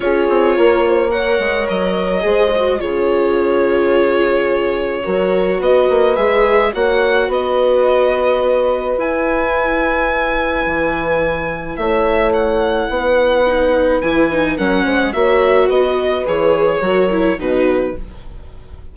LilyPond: <<
  \new Staff \with { instrumentName = "violin" } { \time 4/4 \tempo 4 = 107 cis''2 fis''4 dis''4~ | dis''4 cis''2.~ | cis''2 dis''4 e''4 | fis''4 dis''2. |
gis''1~ | gis''4 e''4 fis''2~ | fis''4 gis''4 fis''4 e''4 | dis''4 cis''2 b'4 | }
  \new Staff \with { instrumentName = "horn" } { \time 4/4 gis'4 ais'8 c''8 cis''2 | c''4 gis'2.~ | gis'4 ais'4 b'2 | cis''4 b'2.~ |
b'1~ | b'4 cis''2 b'4~ | b'2 ais'8 c''8 cis''4 | b'2 ais'4 fis'4 | }
  \new Staff \with { instrumentName = "viola" } { \time 4/4 f'2 ais'2 | gis'8 fis'8 f'2.~ | f'4 fis'2 gis'4 | fis'1 |
e'1~ | e'1 | dis'4 e'8 dis'8 cis'4 fis'4~ | fis'4 gis'4 fis'8 e'8 dis'4 | }
  \new Staff \with { instrumentName = "bassoon" } { \time 4/4 cis'8 c'8 ais4. gis8 fis4 | gis4 cis2.~ | cis4 fis4 b8 ais8 gis4 | ais4 b2. |
e'2. e4~ | e4 a2 b4~ | b4 e4 fis8 gis8 ais4 | b4 e4 fis4 b,4 | }
>>